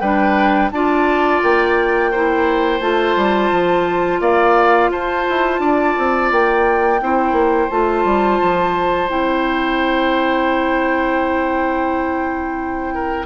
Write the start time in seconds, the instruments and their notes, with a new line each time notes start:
0.00 bassoon G3, clarinet D4, oboe B4, flute G5
0.71 bassoon D4, clarinet F4, oboe D5, flute A5
1.43 bassoon A#3, flute G5
2.11 clarinet E4, oboe C5
2.80 bassoon A3, clarinet F4, flute A5
3.16 bassoon G3
3.51 bassoon F3
4.20 bassoon A#3, oboe D5, flute F5
4.89 bassoon F4, oboe C5, flute A5
5.30 bassoon E4
5.59 bassoon D4, oboe D5
5.98 bassoon C4
6.31 bassoon A#3, flute G5
7.01 bassoon C4, clarinet E4, oboe C5
7.32 bassoon A#3
7.69 bassoon A3, clarinet F4, flute A5
8.04 bassoon G3
8.42 bassoon F3
9.08 bassoon C4, clarinet E4, flute G5
12.94 oboe A#4